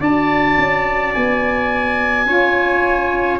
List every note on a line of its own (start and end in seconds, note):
0.00 0.57 D4
0.00 2.26 F#4
0.00 2.26 D5
0.00 1.14 A5
0.58 1.14 C#4
1.14 2.26 B3
1.14 3.39 G#5
2.26 3.39 C#4
2.26 3.39 F4
2.26 3.39 C#5